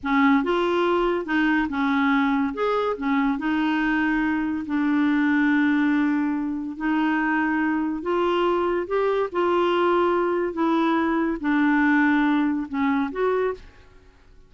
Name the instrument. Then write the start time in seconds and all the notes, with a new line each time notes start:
clarinet
0.03 C#4
0.43 F4
1.25 D#4
1.69 C#4
2.54 G#4
2.97 C#4
3.38 D#4
4.66 D4
6.76 D#4
8.02 F4
8.87 G4
9.32 F4
10.53 E4
11.40 D4
12.68 C#4
13.11 F#4